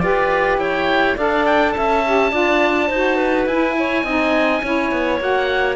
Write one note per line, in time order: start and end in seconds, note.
0.00 0.58 F4
0.00 1.17 G4
0.00 0.61 B4
0.00 0.58 D5
0.58 1.15 E4
0.58 1.17 C#5
0.58 1.17 G5
1.17 1.76 D4
1.17 2.04 A4
1.17 1.75 D5
1.17 1.46 F5
1.46 1.72 G5
1.72 2.33 C#4
1.72 2.31 E5
1.72 3.45 A5
2.06 2.31 G4
2.31 2.90 D4
2.31 2.89 F4
2.31 2.89 D5
2.89 3.46 D#4
2.89 3.50 F#4
2.89 3.17 C5
3.17 3.74 B4
3.46 4.04 E4
3.46 4.06 E4
3.46 5.21 G#5
3.79 4.05 C#5
4.04 4.62 C4
4.04 4.64 D#4
4.04 4.62 D#5
4.63 4.92 C#4
4.63 5.20 E4
4.63 5.76 C#5
4.92 5.21 B3
5.20 5.76 A#3
5.20 5.76 F#4
5.20 5.76 F#5